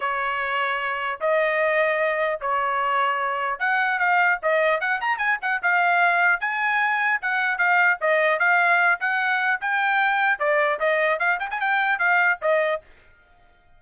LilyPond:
\new Staff \with { instrumentName = "trumpet" } { \time 4/4 \tempo 4 = 150 cis''2. dis''4~ | dis''2 cis''2~ | cis''4 fis''4 f''4 dis''4 | fis''8 ais''8 gis''8 fis''8 f''2 |
gis''2 fis''4 f''4 | dis''4 f''4. fis''4. | g''2 d''4 dis''4 | f''8 g''16 gis''16 g''4 f''4 dis''4 | }